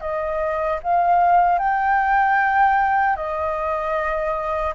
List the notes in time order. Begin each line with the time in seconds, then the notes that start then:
0.00 D#5
0.83 F5
1.59 G5
3.16 D#5